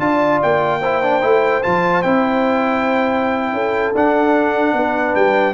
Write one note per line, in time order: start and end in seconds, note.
0.00 0.40 D4
0.00 0.81 F4
0.00 0.82 D5
0.00 0.40 A5
0.43 1.24 A#3
0.43 1.63 G5
0.82 1.03 E4
0.82 3.54 C5
1.03 1.22 D4
1.22 1.64 A3
1.22 1.62 E4
1.63 2.05 F3
1.63 2.04 F4
1.63 2.03 A5
2.03 3.53 C4
2.03 3.95 E4
2.03 3.94 G5
3.53 3.93 C#4
3.53 4.75 A4
3.95 4.74 D4
3.95 5.54 D4
3.95 5.16 F#5
4.74 5.14 B3
4.74 5.54 B4
5.16 5.54 G3
5.16 5.54 G5